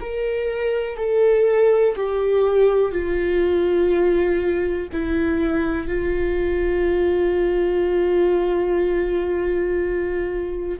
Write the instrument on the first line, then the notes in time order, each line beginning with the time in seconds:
viola
0.00 A#4
0.97 A4
1.95 G4
2.92 F4
4.92 E4
5.87 F4